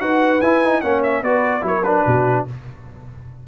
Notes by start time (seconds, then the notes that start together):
0.00 D#4 F#4 B4 F#5
0.41 E4 G#5
0.64 D#4
0.81 A#3 C#4 C#5 F#5
1.03 E5
1.22 B3 F#4 B4 D5
1.62 F#3 E4 A#4 C#5
1.84 D4 B4
2.06 B2 F#4